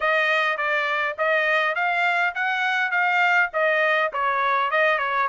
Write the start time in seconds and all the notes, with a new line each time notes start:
0.00 D#5
0.57 D5
1.18 D#5
1.75 F5
2.34 F#5
2.91 F5
3.53 D#5
4.12 C#5
4.71 D#5
4.98 C#5